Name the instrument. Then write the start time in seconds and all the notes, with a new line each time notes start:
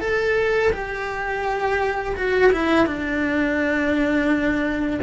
cello
0.00 A4
0.72 G4
2.15 F#4
2.52 E4
2.86 D4